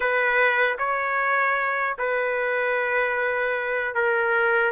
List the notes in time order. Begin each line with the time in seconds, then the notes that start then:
0.00 B4
0.78 C#5
1.98 B4
3.94 A#4